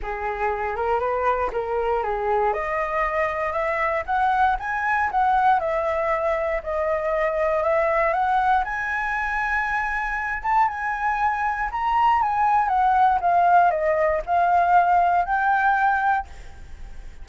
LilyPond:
\new Staff \with { instrumentName = "flute" } { \time 4/4 \tempo 4 = 118 gis'4. ais'8 b'4 ais'4 | gis'4 dis''2 e''4 | fis''4 gis''4 fis''4 e''4~ | e''4 dis''2 e''4 |
fis''4 gis''2.~ | gis''8 a''8 gis''2 ais''4 | gis''4 fis''4 f''4 dis''4 | f''2 g''2 | }